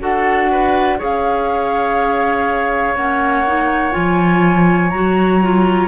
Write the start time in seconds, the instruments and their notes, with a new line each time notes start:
0.00 cello D4, clarinet F#4, oboe A4, flute F#5
0.51 oboe B4
0.98 cello C#4, clarinet G#4, oboe C#5, flute F5
2.95 cello A#3, clarinet C#4, flute F#5
3.47 clarinet D#4
3.92 cello F3, clarinet F4, flute G#5
4.90 cello F#3, clarinet F#4, flute A#5
5.42 clarinet F4